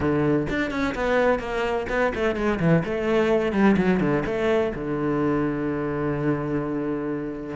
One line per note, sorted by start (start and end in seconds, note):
0.00 0.47 D3
0.49 0.70 D4
0.70 0.94 C#4
0.94 1.39 B3
1.39 1.86 A#3
1.89 2.12 B3
2.14 2.35 A3
2.35 2.59 G#3
2.59 2.83 E3
2.84 3.52 A3
3.52 3.76 G3
3.76 3.99 F#3
3.99 4.23 D3
4.25 4.72 A3
4.75 7.56 D3